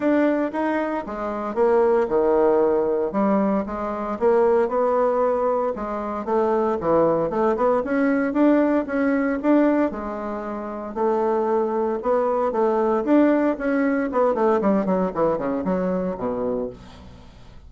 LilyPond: \new Staff \with { instrumentName = "bassoon" } { \time 4/4 \tempo 4 = 115 d'4 dis'4 gis4 ais4 | dis2 g4 gis4 | ais4 b2 gis4 | a4 e4 a8 b8 cis'4 |
d'4 cis'4 d'4 gis4~ | gis4 a2 b4 | a4 d'4 cis'4 b8 a8 | g8 fis8 e8 cis8 fis4 b,4 | }